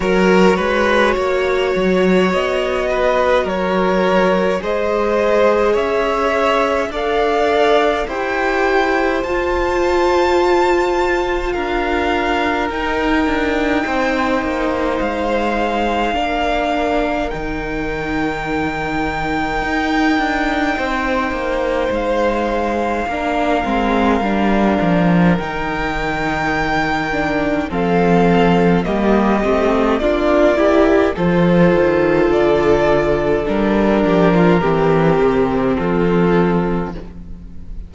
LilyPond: <<
  \new Staff \with { instrumentName = "violin" } { \time 4/4 \tempo 4 = 52 cis''2 dis''4 cis''4 | dis''4 e''4 f''4 g''4 | a''2 f''4 g''4~ | g''4 f''2 g''4~ |
g''2. f''4~ | f''2 g''2 | f''4 dis''4 d''4 c''4 | d''4 ais'2 a'4 | }
  \new Staff \with { instrumentName = "violin" } { \time 4/4 ais'8 b'8 cis''4. b'8 ais'4 | c''4 cis''4 d''4 c''4~ | c''2 ais'2 | c''2 ais'2~ |
ais'2 c''2 | ais'1 | a'4 g'4 f'8 g'8 a'4~ | a'4. g'16 f'16 g'4 f'4 | }
  \new Staff \with { instrumentName = "viola" } { \time 4/4 fis'1 | gis'2 a'4 g'4 | f'2. dis'4~ | dis'2 d'4 dis'4~ |
dis'1 | d'8 c'8 d'4 dis'4. d'8 | c'4 ais8 c'8 d'8 e'8 f'4~ | f'4 d'4 c'2 | }
  \new Staff \with { instrumentName = "cello" } { \time 4/4 fis8 gis8 ais8 fis8 b4 fis4 | gis4 cis'4 d'4 e'4 | f'2 d'4 dis'8 d'8 | c'8 ais8 gis4 ais4 dis4~ |
dis4 dis'8 d'8 c'8 ais8 gis4 | ais8 gis8 g8 f8 dis2 | f4 g8 a8 ais4 f8 dis8 | d4 g8 f8 e8 c8 f4 | }
>>